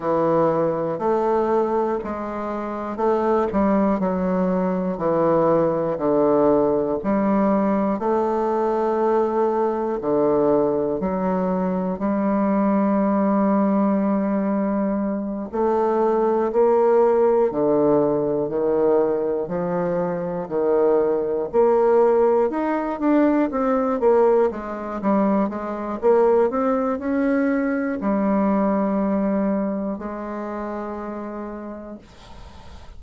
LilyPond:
\new Staff \with { instrumentName = "bassoon" } { \time 4/4 \tempo 4 = 60 e4 a4 gis4 a8 g8 | fis4 e4 d4 g4 | a2 d4 fis4 | g2.~ g8 a8~ |
a8 ais4 d4 dis4 f8~ | f8 dis4 ais4 dis'8 d'8 c'8 | ais8 gis8 g8 gis8 ais8 c'8 cis'4 | g2 gis2 | }